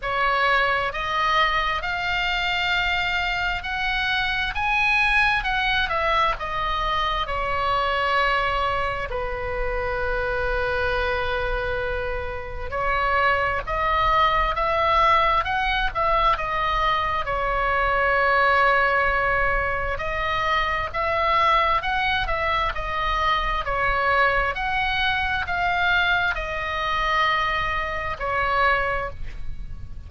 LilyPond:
\new Staff \with { instrumentName = "oboe" } { \time 4/4 \tempo 4 = 66 cis''4 dis''4 f''2 | fis''4 gis''4 fis''8 e''8 dis''4 | cis''2 b'2~ | b'2 cis''4 dis''4 |
e''4 fis''8 e''8 dis''4 cis''4~ | cis''2 dis''4 e''4 | fis''8 e''8 dis''4 cis''4 fis''4 | f''4 dis''2 cis''4 | }